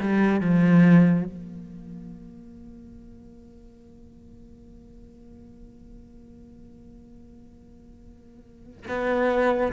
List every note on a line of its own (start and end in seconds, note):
0.00 0.41 G3
0.41 1.26 F3
1.26 8.87 A#3
8.88 9.73 B3